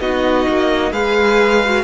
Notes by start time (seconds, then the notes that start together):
0.00 B3 D#4 F#4 D#5
0.48 A#3
0.92 G#3 G#4 B4 F5
1.65 F#4